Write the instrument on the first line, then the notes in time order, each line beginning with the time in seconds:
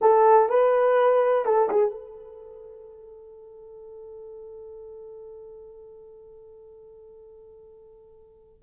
horn
0.01 A4
0.49 B4
1.45 A4
1.69 G#4
1.90 A4